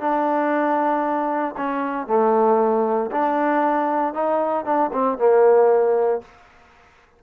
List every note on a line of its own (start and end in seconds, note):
0.00 1.55 D4
1.57 2.07 C#4
2.07 3.11 A3
3.12 4.14 D4
4.14 4.65 D#4
4.65 4.91 D4
4.93 5.19 C4
5.19 6.22 A#3